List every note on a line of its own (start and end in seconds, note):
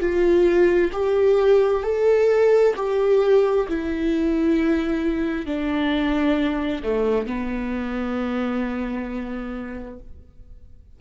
0.00 0.91 F4
0.93 1.83 G4
1.83 2.74 A4
2.76 3.67 G4
3.69 5.46 E4
5.46 6.83 D4
6.83 7.26 A3
7.26 9.99 B3